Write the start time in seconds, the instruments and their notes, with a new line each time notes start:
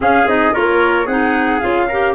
0.00 clarinet C#4, tuba C#4, trumpet G#4, flute F5
0.26 tuba C4, clarinet D#4, flute D#5
0.52 tuba A#3, clarinet F4, trumpet A#4, flute C#5
1.06 tuba C4, clarinet D#4, trumpet G#4, flute F#5
1.60 tuba C#4, clarinet F4, flute F5
1.87 clarinet G4, trumpet A#4